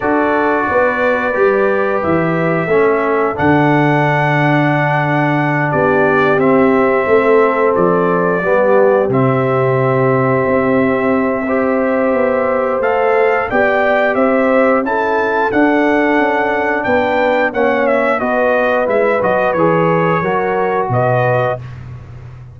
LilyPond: <<
  \new Staff \with { instrumentName = "trumpet" } { \time 4/4 \tempo 4 = 89 d''2. e''4~ | e''4 fis''2.~ | fis''8 d''4 e''2 d''8~ | d''4. e''2~ e''8~ |
e''2. f''4 | g''4 e''4 a''4 fis''4~ | fis''4 g''4 fis''8 e''8 dis''4 | e''8 dis''8 cis''2 dis''4 | }
  \new Staff \with { instrumentName = "horn" } { \time 4/4 a'4 b'2. | a'1~ | a'8 g'2 a'4.~ | a'8 g'2.~ g'8~ |
g'4 c''2. | d''4 c''4 a'2~ | a'4 b'4 cis''4 b'4~ | b'2 ais'4 b'4 | }
  \new Staff \with { instrumentName = "trombone" } { \time 4/4 fis'2 g'2 | cis'4 d'2.~ | d'4. c'2~ c'8~ | c'8 b4 c'2~ c'8~ |
c'4 g'2 a'4 | g'2 e'4 d'4~ | d'2 cis'4 fis'4 | e'8 fis'8 gis'4 fis'2 | }
  \new Staff \with { instrumentName = "tuba" } { \time 4/4 d'4 b4 g4 e4 | a4 d2.~ | d8 b4 c'4 a4 f8~ | f8 g4 c2 c'8~ |
c'2 b4 a4 | b4 c'4 cis'4 d'4 | cis'4 b4 ais4 b4 | gis8 fis8 e4 fis4 b,4 | }
>>